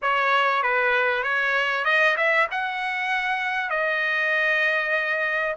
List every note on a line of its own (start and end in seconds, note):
0.02 0.62 C#5
0.62 1.23 B4
1.23 1.84 C#5
1.84 2.15 D#5
2.16 2.47 E5
2.51 3.70 F#5
3.70 5.55 D#5